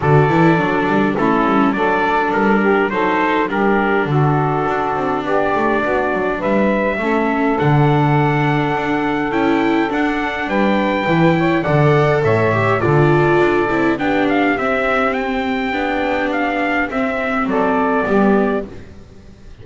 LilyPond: <<
  \new Staff \with { instrumentName = "trumpet" } { \time 4/4 \tempo 4 = 103 d''2 a'4 d''4 | ais'4 c''4 ais'4 a'4~ | a'4 d''2 e''4~ | e''4 fis''2. |
g''4 fis''4 g''2 | fis''4 e''4 d''2 | g''8 f''8 e''4 g''2 | f''4 e''4 d''2 | }
  \new Staff \with { instrumentName = "saxophone" } { \time 4/4 a'2 e'4 a'4~ | a'8 g'8 a'4 g'4 fis'4~ | fis'4 g'4 fis'4 b'4 | a'1~ |
a'2 b'4. cis''8 | d''4 cis''4 a'2 | g'1~ | g'2 a'4 g'4 | }
  \new Staff \with { instrumentName = "viola" } { \time 4/4 fis'8 e'8 d'4 cis'4 d'4~ | d'4 dis'4 d'2~ | d'1 | cis'4 d'2. |
e'4 d'2 e'4 | a'4. g'8 f'4. e'8 | d'4 c'2 d'4~ | d'4 c'2 b4 | }
  \new Staff \with { instrumentName = "double bass" } { \time 4/4 d8 e8 fis8 g8 a8 g8 fis4 | g4 fis4 g4 d4 | d'8 c'8 b8 a8 b8 fis8 g4 | a4 d2 d'4 |
cis'4 d'4 g4 e4 | d4 a,4 d4 d'8 c'8 | b4 c'2 b4~ | b4 c'4 fis4 g4 | }
>>